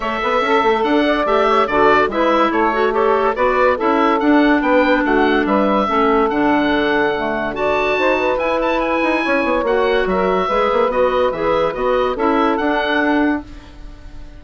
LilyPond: <<
  \new Staff \with { instrumentName = "oboe" } { \time 4/4 \tempo 4 = 143 e''2 fis''4 e''4 | d''4 e''4 cis''4 a'4 | d''4 e''4 fis''4 g''4 | fis''4 e''2 fis''4~ |
fis''2 a''2 | gis''8 a''8 gis''2 fis''4 | e''2 dis''4 e''4 | dis''4 e''4 fis''2 | }
  \new Staff \with { instrumentName = "saxophone" } { \time 4/4 cis''8 b'8 a'4. d''4 cis''8 | a'4 b'4 a'4 cis''4 | b'4 a'2 b'4 | fis'4 b'4 a'2~ |
a'2 d''4 c''8 b'8~ | b'2 cis''2 | ais'4 b'2.~ | b'4 a'2. | }
  \new Staff \with { instrumentName = "clarinet" } { \time 4/4 a'2. g'4 | fis'4 e'4. fis'8 g'4 | fis'4 e'4 d'2~ | d'2 cis'4 d'4~ |
d'4 a4 fis'2 | e'2. fis'4~ | fis'4 gis'4 fis'4 gis'4 | fis'4 e'4 d'2 | }
  \new Staff \with { instrumentName = "bassoon" } { \time 4/4 a8 b8 cis'8 a8 d'4 a4 | d4 gis4 a2 | b4 cis'4 d'4 b4 | a4 g4 a4 d4~ |
d2. dis'4 | e'4. dis'8 cis'8 b8 ais4 | fis4 gis8 ais8 b4 e4 | b4 cis'4 d'2 | }
>>